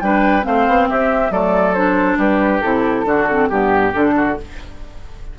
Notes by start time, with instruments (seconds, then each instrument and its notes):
0.00 bassoon G3, clarinet D4, oboe B4, flute G5
0.42 bassoon A3, clarinet C4, oboe C5, flute F5
0.67 bassoon B3
0.89 bassoon C4, oboe G4, flute E5
1.30 bassoon F#3, clarinet A3, oboe A4, flute D5
1.73 clarinet D4, flute C5
2.17 bassoon G3, oboe G4, flute B4
2.61 bassoon C3, clarinet E4, flute A4
3.05 bassoon D3, clarinet D4, oboe F#4
3.29 clarinet C4
3.48 bassoon G2, clarinet B3, flute G4, oboe G4
3.93 bassoon D3, clarinet D4, flute A4
4.16 oboe F#4